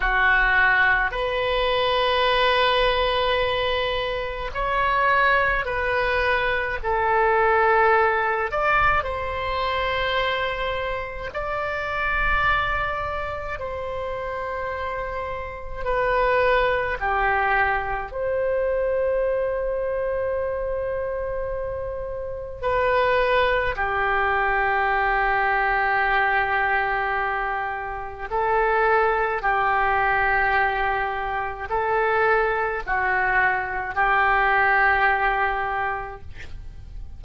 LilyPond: \new Staff \with { instrumentName = "oboe" } { \time 4/4 \tempo 4 = 53 fis'4 b'2. | cis''4 b'4 a'4. d''8 | c''2 d''2 | c''2 b'4 g'4 |
c''1 | b'4 g'2.~ | g'4 a'4 g'2 | a'4 fis'4 g'2 | }